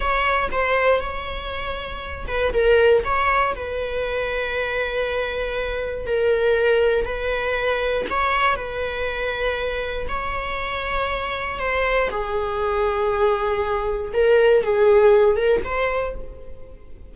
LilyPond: \new Staff \with { instrumentName = "viola" } { \time 4/4 \tempo 4 = 119 cis''4 c''4 cis''2~ | cis''8 b'8 ais'4 cis''4 b'4~ | b'1 | ais'2 b'2 |
cis''4 b'2. | cis''2. c''4 | gis'1 | ais'4 gis'4. ais'8 c''4 | }